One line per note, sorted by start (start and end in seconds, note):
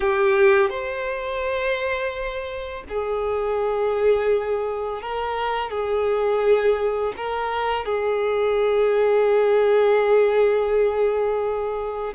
0.00 0.69 G4
0.69 2.83 C5
2.88 5.02 G#4
5.02 5.70 A#4
5.70 7.13 G#4
7.16 7.85 A#4
7.85 12.13 G#4